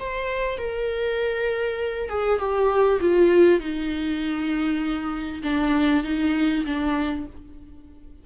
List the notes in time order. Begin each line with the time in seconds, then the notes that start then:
0.00 C5
0.58 A#4
2.10 G#4
2.40 G4
3.01 F4
3.60 D#4
5.44 D4
6.04 D#4
6.66 D4